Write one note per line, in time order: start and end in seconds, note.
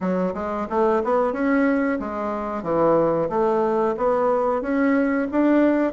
0.00 0.33 F#3
0.34 0.67 G#3
0.69 1.02 A3
1.04 1.32 B3
1.32 1.98 C#4
1.99 2.63 G#3
2.63 3.28 E3
3.29 3.95 A3
3.97 4.61 B3
4.61 5.27 C#4
5.31 5.92 D4